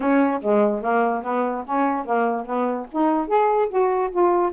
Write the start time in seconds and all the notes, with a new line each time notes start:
0.00 C#4
0.41 G#3
0.82 A#3
1.23 B3
1.65 C#4
2.05 A#3
2.45 B3
2.91 D#4
3.27 G#4
3.69 F#4
4.11 F4